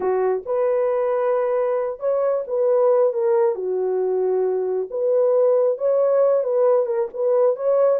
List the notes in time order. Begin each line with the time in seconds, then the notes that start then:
0.00 F#4
0.45 B4
1.99 C#5
2.47 B4
3.13 A#4
3.55 F#4
4.90 B4
5.77 C#5
6.43 B4
6.86 A#4
7.13 B4
7.56 C#5